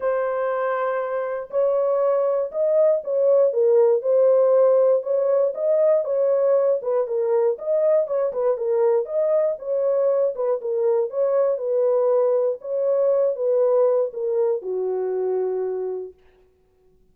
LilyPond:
\new Staff \with { instrumentName = "horn" } { \time 4/4 \tempo 4 = 119 c''2. cis''4~ | cis''4 dis''4 cis''4 ais'4 | c''2 cis''4 dis''4 | cis''4. b'8 ais'4 dis''4 |
cis''8 b'8 ais'4 dis''4 cis''4~ | cis''8 b'8 ais'4 cis''4 b'4~ | b'4 cis''4. b'4. | ais'4 fis'2. | }